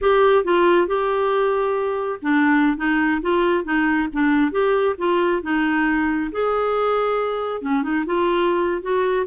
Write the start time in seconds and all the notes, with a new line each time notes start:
0.01 G4
0.44 F4
0.87 G4
2.22 D4
2.77 D#4
3.21 F4
3.64 D#4
4.12 D4
4.51 G4
4.98 F4
5.42 D#4
6.31 G#4
7.61 C#4
7.82 D#4
8.06 F4
8.82 F#4